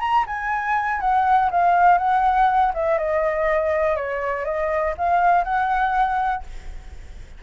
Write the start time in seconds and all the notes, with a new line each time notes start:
0.00 A#5
0.27 G#5
1.01 F#5
1.51 F5
1.98 F#5
2.74 E5
2.98 D#5
3.96 C#5
4.45 D#5
4.98 F5
5.44 F#5